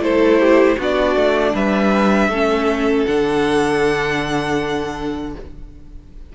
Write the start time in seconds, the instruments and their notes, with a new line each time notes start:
0.00 cello A3, viola E4, violin A4 C5
0.40 violin G4
0.78 cello B3, viola D4, violin F#4 D5
1.15 cello A3
1.54 cello G3, violin B4 E5
2.28 cello A3, viola C#4, violin A4
3.05 cello D3, viola D4, violin F#5